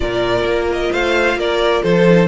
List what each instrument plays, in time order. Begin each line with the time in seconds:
0.00 cello A#2, viola F4, violin A#4 D5
0.43 cello A#3
0.72 violin D#5
0.91 cello A3, violin C5 F5
1.35 cello A#3, violin A#4 D5
1.82 cello F3, violin A4 C5
2.09 viola D#4